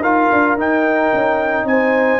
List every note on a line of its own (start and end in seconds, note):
0.00 0.27 D#4
0.00 0.58 F4
0.00 1.65 A#4
0.00 0.57 F5
0.31 0.57 D4
0.57 1.11 D#4
0.57 2.20 D#4
0.57 1.67 G5
1.13 1.64 C#4
1.64 2.19 C4
1.64 2.20 C5
1.64 2.20 G#5